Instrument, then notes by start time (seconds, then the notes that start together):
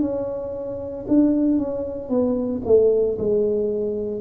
tuba
0.00 C#4
1.08 D4
1.58 C#4
2.09 B3
2.65 A3
3.18 G#3